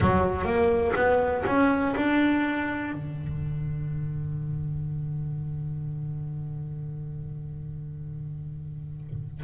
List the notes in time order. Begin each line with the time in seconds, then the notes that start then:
0.00 F#3
0.44 A#3
0.95 B3
1.46 C#4
1.96 D4
2.93 D3